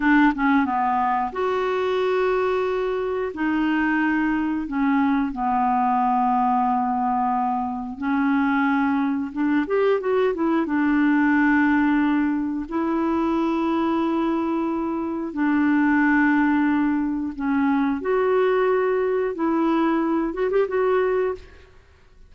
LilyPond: \new Staff \with { instrumentName = "clarinet" } { \time 4/4 \tempo 4 = 90 d'8 cis'8 b4 fis'2~ | fis'4 dis'2 cis'4 | b1 | cis'2 d'8 g'8 fis'8 e'8 |
d'2. e'4~ | e'2. d'4~ | d'2 cis'4 fis'4~ | fis'4 e'4. fis'16 g'16 fis'4 | }